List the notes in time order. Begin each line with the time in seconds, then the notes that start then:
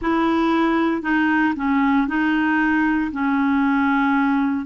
0.01 E4
1.02 D#4
1.56 C#4
2.07 D#4
3.11 C#4